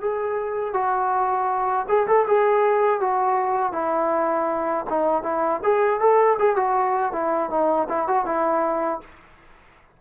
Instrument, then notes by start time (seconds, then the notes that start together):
trombone
0.00 G#4
0.73 F#4
1.88 G#4
2.07 A4
2.27 G#4
3.00 F#4
3.72 E4
4.90 D#4
5.22 E4
5.63 G#4
6.00 A4
6.39 G#4
6.56 F#4
7.12 E4
7.50 D#4
7.88 E4
8.07 F#4
8.25 E4